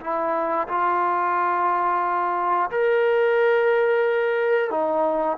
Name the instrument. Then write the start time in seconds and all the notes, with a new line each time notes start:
trombone
0.00 E4
0.68 F4
2.71 A#4
4.70 D#4